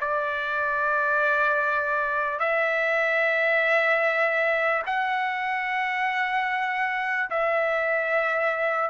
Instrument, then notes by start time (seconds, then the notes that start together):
trumpet
0.00 D5
2.39 E5
4.86 F#5
7.30 E5